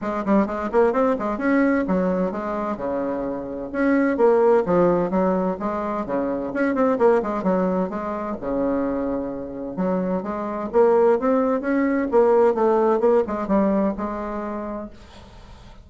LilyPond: \new Staff \with { instrumentName = "bassoon" } { \time 4/4 \tempo 4 = 129 gis8 g8 gis8 ais8 c'8 gis8 cis'4 | fis4 gis4 cis2 | cis'4 ais4 f4 fis4 | gis4 cis4 cis'8 c'8 ais8 gis8 |
fis4 gis4 cis2~ | cis4 fis4 gis4 ais4 | c'4 cis'4 ais4 a4 | ais8 gis8 g4 gis2 | }